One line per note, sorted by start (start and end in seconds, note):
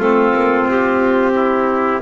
0.00 0.34 A3
0.00 2.02 C4
0.00 1.35 F4
0.00 0.68 A4
0.34 0.66 A#3
0.66 2.01 C4
0.66 2.03 G4
1.36 2.03 E4